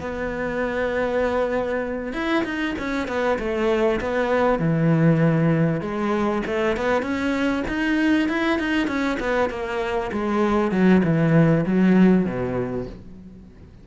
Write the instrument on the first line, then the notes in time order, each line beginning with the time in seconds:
cello
0.00 B3
2.13 E4
2.44 D#4
2.79 C#4
3.08 B3
3.39 A3
4.00 B3
4.59 E3
5.81 G#3
6.46 A3
6.77 B3
7.02 C#4
7.68 D#4
8.29 E4
8.59 D#4
8.87 C#4
9.20 B3
9.50 A#3
10.12 G#3
10.71 F#3
11.04 E3
11.66 F#3
12.25 B2